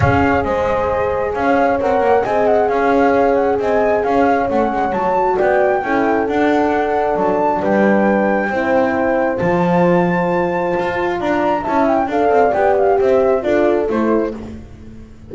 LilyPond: <<
  \new Staff \with { instrumentName = "flute" } { \time 4/4 \tempo 4 = 134 f''4 dis''2 f''4 | fis''4 gis''8 fis''8 f''4. fis''8 | gis''4 f''4 fis''4 a''4 | g''2 fis''2 |
a''4 g''2.~ | g''4 a''2.~ | a''4 ais''4 a''8 g''8 f''4 | g''8 f''8 e''4 d''4 c''4 | }
  \new Staff \with { instrumentName = "horn" } { \time 4/4 cis''4 c''2 cis''4~ | cis''4 dis''4 cis''2 | dis''4 cis''2. | d''4 a'2.~ |
a'4 b'2 c''4~ | c''1~ | c''4 d''4 e''4 d''4~ | d''4 c''4 a'2 | }
  \new Staff \with { instrumentName = "horn" } { \time 4/4 gis'1 | ais'4 gis'2.~ | gis'2 cis'4 fis'4~ | fis'4 e'4 d'2~ |
d'2. e'4~ | e'4 f'2.~ | f'2 e'4 a'4 | g'2 f'4 e'4 | }
  \new Staff \with { instrumentName = "double bass" } { \time 4/4 cis'4 gis2 cis'4 | c'8 ais8 c'4 cis'2 | c'4 cis'4 a8 gis8 fis4 | b4 cis'4 d'2 |
fis4 g2 c'4~ | c'4 f2. | f'4 d'4 cis'4 d'8 c'8 | b4 c'4 d'4 a4 | }
>>